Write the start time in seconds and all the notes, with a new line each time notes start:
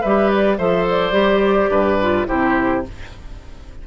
0.00 G3 G4 B4 E5
0.29 D5
0.57 F3 A4 C5 E5
0.89 D5
1.11 G3 G4
1.70 G2 B4
2.01 F4
2.26 C3 E4 G4 C5